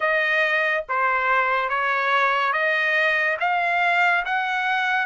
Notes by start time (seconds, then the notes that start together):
0.00 D#5
0.88 C5
1.69 C#5
2.52 D#5
3.40 F5
4.25 F#5